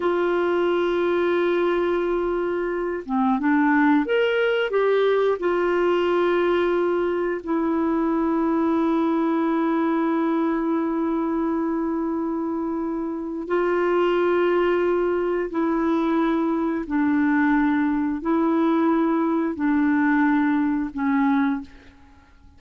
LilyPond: \new Staff \with { instrumentName = "clarinet" } { \time 4/4 \tempo 4 = 89 f'1~ | f'8 c'8 d'4 ais'4 g'4 | f'2. e'4~ | e'1~ |
e'1 | f'2. e'4~ | e'4 d'2 e'4~ | e'4 d'2 cis'4 | }